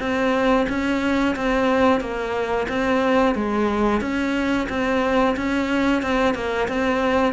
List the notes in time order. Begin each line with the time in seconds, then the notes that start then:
0.00 C4
0.69 C#4
1.36 C4
2.01 A#3
2.68 C4
3.35 G#3
4.01 C#4
4.69 C4
5.37 C#4
6.02 C4
6.35 A#3
6.68 C4